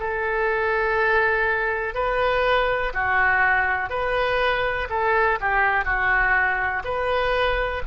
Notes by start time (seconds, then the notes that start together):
0.00 A4
1.94 B4
2.94 F#4
3.90 B4
4.90 A4
5.41 G4
5.85 F#4
6.85 B4